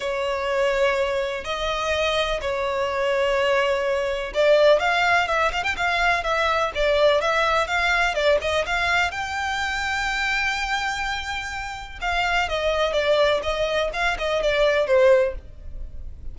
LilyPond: \new Staff \with { instrumentName = "violin" } { \time 4/4 \tempo 4 = 125 cis''2. dis''4~ | dis''4 cis''2.~ | cis''4 d''4 f''4 e''8 f''16 g''16 | f''4 e''4 d''4 e''4 |
f''4 d''8 dis''8 f''4 g''4~ | g''1~ | g''4 f''4 dis''4 d''4 | dis''4 f''8 dis''8 d''4 c''4 | }